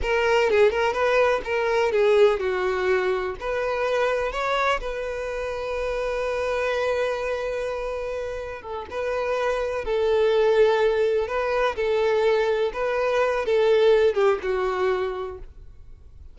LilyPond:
\new Staff \with { instrumentName = "violin" } { \time 4/4 \tempo 4 = 125 ais'4 gis'8 ais'8 b'4 ais'4 | gis'4 fis'2 b'4~ | b'4 cis''4 b'2~ | b'1~ |
b'2 a'8 b'4.~ | b'8 a'2. b'8~ | b'8 a'2 b'4. | a'4. g'8 fis'2 | }